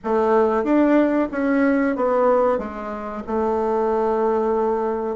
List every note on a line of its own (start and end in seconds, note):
0.04 0.64 A3
0.64 1.28 D4
1.31 1.96 C#4
1.96 2.58 B3
2.58 3.23 G#3
3.26 5.16 A3